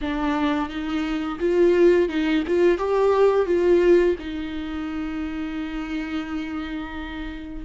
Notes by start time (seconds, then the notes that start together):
0.01 D4
0.68 D#4
1.40 F4
2.08 D#4
2.47 F4
2.77 G4
3.46 F4
4.19 D#4